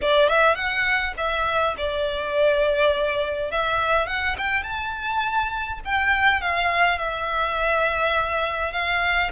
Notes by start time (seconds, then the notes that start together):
0.01 D5
0.29 E5
0.55 F#5
1.17 E5
1.77 D5
3.51 E5
4.06 F#5
4.38 G5
4.63 A5
5.84 G5
6.41 F5
6.98 E5
8.72 F5